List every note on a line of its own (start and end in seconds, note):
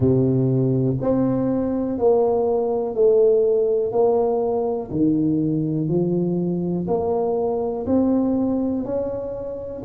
0.00 0.96 C3
1.01 1.98 C4
1.98 2.94 A#3
2.94 3.92 A3
3.92 4.90 A#3
4.90 5.88 D#3
5.88 6.86 F3
6.87 7.86 A#3
7.86 8.84 C4
8.84 9.83 C#4